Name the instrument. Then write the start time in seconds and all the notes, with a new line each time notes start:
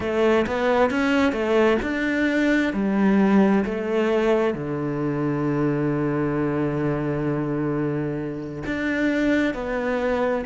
cello
0.00 A3
0.46 B3
0.90 C#4
1.32 A3
1.82 D4
2.73 G3
3.64 A3
4.54 D3
8.66 D4
9.53 B3